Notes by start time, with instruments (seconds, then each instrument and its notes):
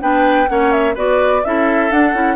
0.00 bassoon B3, clarinet D4, oboe B4, flute G5
0.48 bassoon A#3, clarinet C#4, oboe C#5, flute F#5
0.71 flute E5
0.94 bassoon B3, clarinet F#4, oboe B4, flute D5
1.44 bassoon C#4, clarinet E4, oboe A4, flute E5
1.90 bassoon D4, clarinet D4, flute F#5
2.13 bassoon C#4, clarinet E4